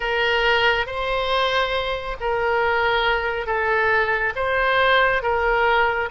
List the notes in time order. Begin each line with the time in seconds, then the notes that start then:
0.00 A#4
0.86 C5
2.20 A#4
3.46 A4
4.35 C5
5.22 A#4